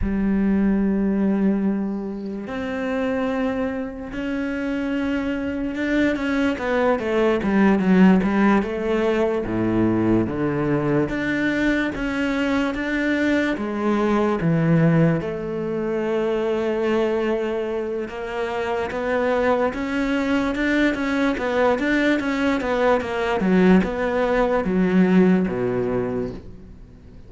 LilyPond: \new Staff \with { instrumentName = "cello" } { \time 4/4 \tempo 4 = 73 g2. c'4~ | c'4 cis'2 d'8 cis'8 | b8 a8 g8 fis8 g8 a4 a,8~ | a,8 d4 d'4 cis'4 d'8~ |
d'8 gis4 e4 a4.~ | a2 ais4 b4 | cis'4 d'8 cis'8 b8 d'8 cis'8 b8 | ais8 fis8 b4 fis4 b,4 | }